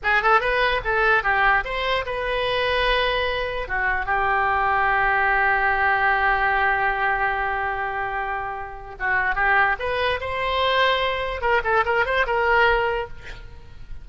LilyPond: \new Staff \with { instrumentName = "oboe" } { \time 4/4 \tempo 4 = 147 gis'8 a'8 b'4 a'4 g'4 | c''4 b'2.~ | b'4 fis'4 g'2~ | g'1~ |
g'1~ | g'2 fis'4 g'4 | b'4 c''2. | ais'8 a'8 ais'8 c''8 ais'2 | }